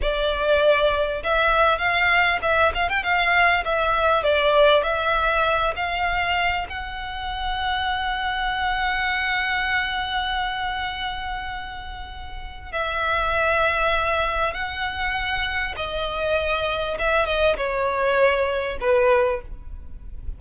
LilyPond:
\new Staff \with { instrumentName = "violin" } { \time 4/4 \tempo 4 = 99 d''2 e''4 f''4 | e''8 f''16 g''16 f''4 e''4 d''4 | e''4. f''4. fis''4~ | fis''1~ |
fis''1~ | fis''4 e''2. | fis''2 dis''2 | e''8 dis''8 cis''2 b'4 | }